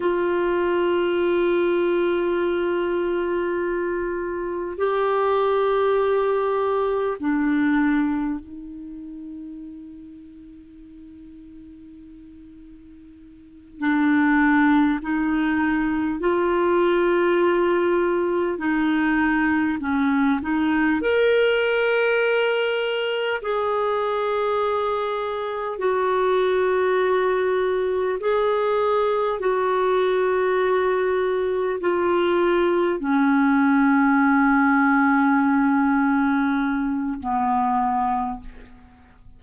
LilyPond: \new Staff \with { instrumentName = "clarinet" } { \time 4/4 \tempo 4 = 50 f'1 | g'2 d'4 dis'4~ | dis'2.~ dis'8 d'8~ | d'8 dis'4 f'2 dis'8~ |
dis'8 cis'8 dis'8 ais'2 gis'8~ | gis'4. fis'2 gis'8~ | gis'8 fis'2 f'4 cis'8~ | cis'2. b4 | }